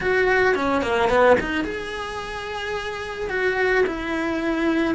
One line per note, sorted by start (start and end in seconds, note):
0.00 0.55 F#4
0.55 0.82 C#4
0.82 1.09 A#3
1.09 1.36 B3
1.40 1.64 D#4
1.64 3.29 G#4
3.29 3.84 F#4
3.86 4.94 E4